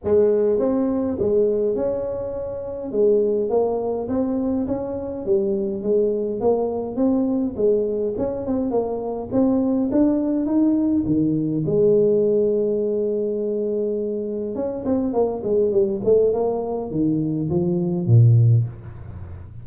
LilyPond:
\new Staff \with { instrumentName = "tuba" } { \time 4/4 \tempo 4 = 103 gis4 c'4 gis4 cis'4~ | cis'4 gis4 ais4 c'4 | cis'4 g4 gis4 ais4 | c'4 gis4 cis'8 c'8 ais4 |
c'4 d'4 dis'4 dis4 | gis1~ | gis4 cis'8 c'8 ais8 gis8 g8 a8 | ais4 dis4 f4 ais,4 | }